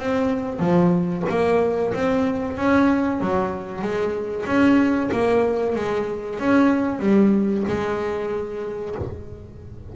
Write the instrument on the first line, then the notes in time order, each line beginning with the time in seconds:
double bass
0.00 C4
0.60 F3
1.30 A#3
1.94 C4
2.57 C#4
3.21 F#3
3.82 G#3
4.47 C#4
5.12 A#3
5.76 G#3
6.40 C#4
7.00 G3
7.69 G#3